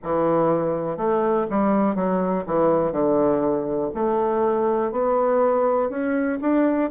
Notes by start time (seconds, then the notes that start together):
0.03 E3
0.97 A3
1.50 G3
1.94 F#3
2.46 E3
2.92 D3
3.94 A3
4.91 B3
5.89 C#4
6.41 D4